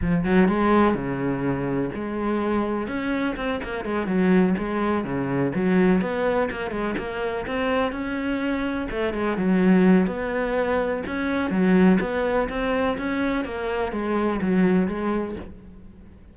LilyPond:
\new Staff \with { instrumentName = "cello" } { \time 4/4 \tempo 4 = 125 f8 fis8 gis4 cis2 | gis2 cis'4 c'8 ais8 | gis8 fis4 gis4 cis4 fis8~ | fis8 b4 ais8 gis8 ais4 c'8~ |
c'8 cis'2 a8 gis8 fis8~ | fis4 b2 cis'4 | fis4 b4 c'4 cis'4 | ais4 gis4 fis4 gis4 | }